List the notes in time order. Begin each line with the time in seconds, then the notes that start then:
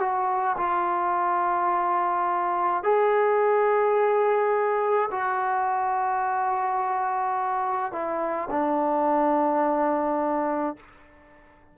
0.00 F#4
0.58 F4
2.84 G#4
5.11 F#4
7.92 E4
8.51 D4